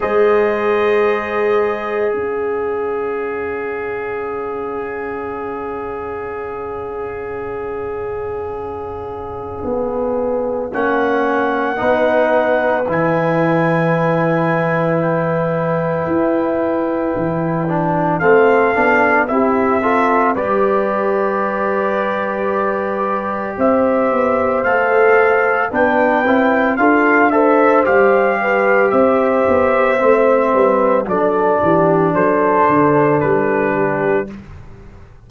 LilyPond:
<<
  \new Staff \with { instrumentName = "trumpet" } { \time 4/4 \tempo 4 = 56 dis''2 f''2~ | f''1~ | f''2 fis''2 | gis''2 g''2~ |
g''4 f''4 e''4 d''4~ | d''2 e''4 f''4 | g''4 f''8 e''8 f''4 e''4~ | e''4 d''4 c''4 b'4 | }
  \new Staff \with { instrumentName = "horn" } { \time 4/4 c''2 cis''2~ | cis''1~ | cis''2. b'4~ | b'1~ |
b'4 a'4 g'8 a'8 b'4~ | b'2 c''2 | b'4 a'8 c''4 b'8 c''4~ | c''8 b'8 a'8 g'8 a'4. g'8 | }
  \new Staff \with { instrumentName = "trombone" } { \time 4/4 gis'1~ | gis'1~ | gis'2 cis'4 dis'4 | e'1~ |
e'8 d'8 c'8 d'8 e'8 f'8 g'4~ | g'2. a'4 | d'8 e'8 f'8 a'8 g'2 | c'4 d'2. | }
  \new Staff \with { instrumentName = "tuba" } { \time 4/4 gis2 cis'2~ | cis'1~ | cis'4 b4 ais4 b4 | e2. e'4 |
e4 a8 b8 c'4 g4~ | g2 c'8 b8 a4 | b8 c'8 d'4 g4 c'8 b8 | a8 g8 fis8 e8 fis8 d8 g4 | }
>>